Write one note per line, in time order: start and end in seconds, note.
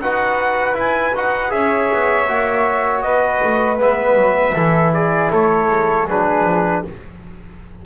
0.00 0.73 D#4
0.00 0.73 F#4
0.00 1.53 B4
0.00 0.77 F#5
0.73 1.11 E4
0.73 1.16 G#5
1.15 1.52 D#4
1.15 1.49 F#4
1.15 1.51 F#5
1.49 1.90 C#4
1.49 2.25 G#4
1.49 3.04 C#5
1.49 3.02 E5
1.93 2.28 B3
2.27 3.03 A#3
2.27 3.77 F#4
3.02 3.41 B3
3.02 4.54 B4
3.02 3.78 D#5
3.43 3.78 A3
3.77 4.15 G#3
3.77 4.53 B3
3.77 4.93 E5
4.15 4.53 F#3
4.54 5.30 E3
4.54 6.08 E4
4.54 4.92 A4
4.93 5.31 G#4
4.93 5.31 D5
5.31 5.68 A3
5.31 6.07 A4
5.31 6.09 C#5
5.68 6.06 G#3
6.07 6.43 F#3
6.07 6.84 D4
6.07 6.83 G#4
6.07 6.85 B4
6.43 6.81 F3